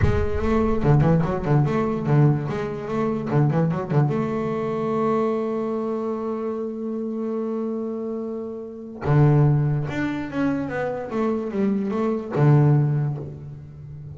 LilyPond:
\new Staff \with { instrumentName = "double bass" } { \time 4/4 \tempo 4 = 146 gis4 a4 d8 e8 fis8 d8 | a4 d4 gis4 a4 | d8 e8 fis8 d8 a2~ | a1~ |
a1~ | a2 d2 | d'4 cis'4 b4 a4 | g4 a4 d2 | }